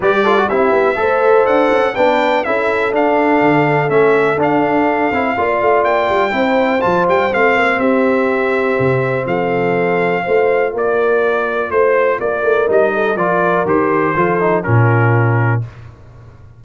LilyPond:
<<
  \new Staff \with { instrumentName = "trumpet" } { \time 4/4 \tempo 4 = 123 d''4 e''2 fis''4 | g''4 e''4 f''2 | e''4 f''2. | g''2 a''8 g''8 f''4 |
e''2. f''4~ | f''2 d''2 | c''4 d''4 dis''4 d''4 | c''2 ais'2 | }
  \new Staff \with { instrumentName = "horn" } { \time 4/4 b'8 a'8 g'4 c''2 | b'4 a'2.~ | a'2. d''4~ | d''4 c''2. |
g'2. a'4~ | a'4 c''4 ais'2 | c''4 ais'4. a'8 ais'4~ | ais'4 a'4 f'2 | }
  \new Staff \with { instrumentName = "trombone" } { \time 4/4 g'8 f'16 fis'16 e'4 a'2 | d'4 e'4 d'2 | cis'4 d'4. e'8 f'4~ | f'4 e'4 f'4 c'4~ |
c'1~ | c'4 f'2.~ | f'2 dis'4 f'4 | g'4 f'8 dis'8 cis'2 | }
  \new Staff \with { instrumentName = "tuba" } { \time 4/4 g4 c'8 b8 a4 d'8 cis'8 | b4 cis'4 d'4 d4 | a4 d'4. c'8 ais8 a8 | ais8 g8 c'4 f8 g8 a8 ais8 |
c'2 c4 f4~ | f4 a4 ais2 | a4 ais8 a8 g4 f4 | dis4 f4 ais,2 | }
>>